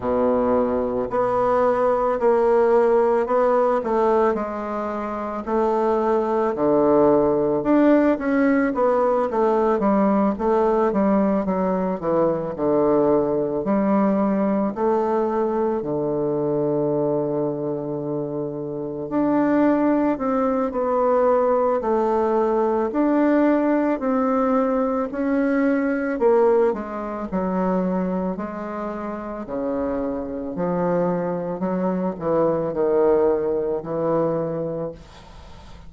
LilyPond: \new Staff \with { instrumentName = "bassoon" } { \time 4/4 \tempo 4 = 55 b,4 b4 ais4 b8 a8 | gis4 a4 d4 d'8 cis'8 | b8 a8 g8 a8 g8 fis8 e8 d8~ | d8 g4 a4 d4.~ |
d4. d'4 c'8 b4 | a4 d'4 c'4 cis'4 | ais8 gis8 fis4 gis4 cis4 | f4 fis8 e8 dis4 e4 | }